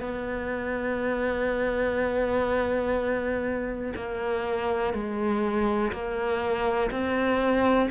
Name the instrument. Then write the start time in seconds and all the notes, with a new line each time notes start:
cello
0.00 B3
3.96 A#3
4.93 G#3
5.92 A#3
6.91 C4